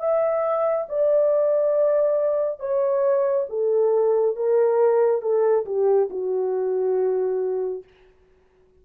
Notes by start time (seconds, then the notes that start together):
0.00 E5
0.89 D5
2.60 C#5
3.49 A4
4.36 A#4
5.22 A4
5.66 G4
6.10 F#4